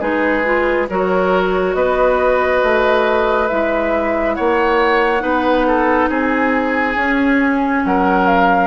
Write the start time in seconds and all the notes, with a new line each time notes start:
0.00 G#3 D#4 G#4 B4
0.45 F4
0.89 F#3 F#4 A#4 C#5
1.74 B3 B4 D#5
2.63 A3
3.48 G#3 E4 E5
4.35 A#3 C#5 F#5
5.20 B3 D#4 B4
5.68 A4
6.09 C4 G#4 G#5
6.96 C#4
7.85 F#3 A#4 F#5
8.27 F5